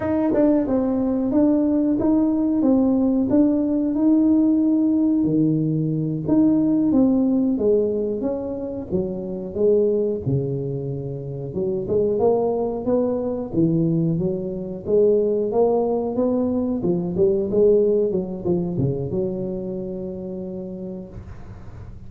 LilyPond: \new Staff \with { instrumentName = "tuba" } { \time 4/4 \tempo 4 = 91 dis'8 d'8 c'4 d'4 dis'4 | c'4 d'4 dis'2 | dis4. dis'4 c'4 gis8~ | gis8 cis'4 fis4 gis4 cis8~ |
cis4. fis8 gis8 ais4 b8~ | b8 e4 fis4 gis4 ais8~ | ais8 b4 f8 g8 gis4 fis8 | f8 cis8 fis2. | }